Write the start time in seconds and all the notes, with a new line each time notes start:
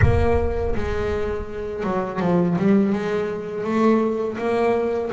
0.01 A#3
0.75 G#3
1.83 F#3
2.20 F3
2.58 G3
2.92 G#3
3.64 A3
4.38 A#3